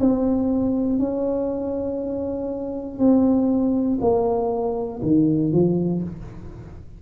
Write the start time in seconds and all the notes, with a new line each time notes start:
0.00 C4
0.99 C#4
2.99 C4
4.01 A#3
5.02 D#3
5.52 F3